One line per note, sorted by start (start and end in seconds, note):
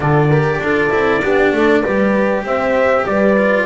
0.00 0.58 D3
0.00 0.31 F4
0.00 0.29 A4
0.00 2.45 D5
0.29 0.63 G4
0.29 0.59 A#4
0.58 0.89 D4
0.58 0.90 F4
0.58 1.23 A4
0.90 1.22 C4
0.90 1.20 E4
1.22 1.52 B3
1.22 1.83 D4
1.22 1.53 G4
1.52 1.83 A3
1.52 1.82 A4
1.82 2.43 G3
1.82 3.36 G4
1.82 2.43 B4
2.43 3.05 C4
2.43 3.06 C5
2.43 3.05 E5
3.05 3.65 G3
3.05 3.65 B4
3.05 3.65 D5
3.37 3.65 F4